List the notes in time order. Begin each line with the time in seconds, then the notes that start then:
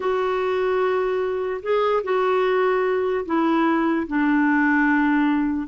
0.00 F#4
1.62 G#4
2.03 F#4
3.25 E4
4.07 D4